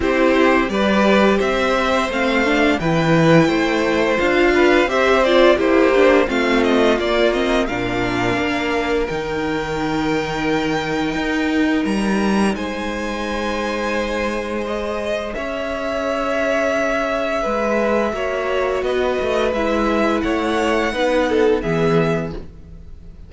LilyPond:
<<
  \new Staff \with { instrumentName = "violin" } { \time 4/4 \tempo 4 = 86 c''4 d''4 e''4 f''4 | g''2 f''4 e''8 d''8 | c''4 f''8 dis''8 d''8 dis''8 f''4~ | f''4 g''2.~ |
g''4 ais''4 gis''2~ | gis''4 dis''4 e''2~ | e''2. dis''4 | e''4 fis''2 e''4 | }
  \new Staff \with { instrumentName = "violin" } { \time 4/4 g'4 b'4 c''2 | b'4 c''4. b'8 c''4 | g'4 f'2 ais'4~ | ais'1~ |
ais'2 c''2~ | c''2 cis''2~ | cis''4 b'4 cis''4 b'4~ | b'4 cis''4 b'8 a'8 gis'4 | }
  \new Staff \with { instrumentName = "viola" } { \time 4/4 e'4 g'2 c'8 d'8 | e'2 f'4 g'8 f'8 | e'8 d'8 c'4 ais8 c'8 d'4~ | d'4 dis'2.~ |
dis'1~ | dis'4 gis'2.~ | gis'2 fis'2 | e'2 dis'4 b4 | }
  \new Staff \with { instrumentName = "cello" } { \time 4/4 c'4 g4 c'4 a4 | e4 a4 d'4 c'4 | ais4 a4 ais4 ais,4 | ais4 dis2. |
dis'4 g4 gis2~ | gis2 cis'2~ | cis'4 gis4 ais4 b8 a8 | gis4 a4 b4 e4 | }
>>